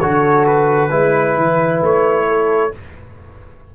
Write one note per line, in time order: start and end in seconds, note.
0.00 0.92 D3
0.00 0.90 F#4
0.00 0.90 A4
0.00 0.45 C#5
0.46 1.83 B4
0.90 1.36 G#3
0.90 2.72 E4
0.90 2.27 B4
1.36 1.81 E3
1.82 2.73 A3
1.82 2.75 C#5
2.28 2.73 A4